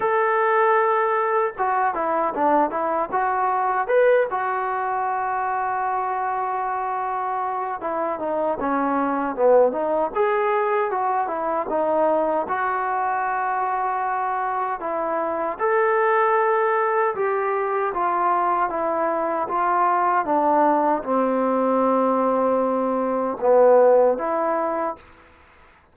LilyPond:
\new Staff \with { instrumentName = "trombone" } { \time 4/4 \tempo 4 = 77 a'2 fis'8 e'8 d'8 e'8 | fis'4 b'8 fis'2~ fis'8~ | fis'2 e'8 dis'8 cis'4 | b8 dis'8 gis'4 fis'8 e'8 dis'4 |
fis'2. e'4 | a'2 g'4 f'4 | e'4 f'4 d'4 c'4~ | c'2 b4 e'4 | }